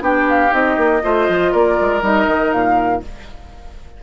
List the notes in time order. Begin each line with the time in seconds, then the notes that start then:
0.00 B3 D4 G4 G5
0.29 F5
0.49 C4 D#4 D#5
0.76 A#3
1.02 A3 F4 C5
1.28 F3
1.52 A#3 A#4 D5
1.80 G#3
2.01 G3 D#4 D#5
2.26 D#3
2.52 A#2 F5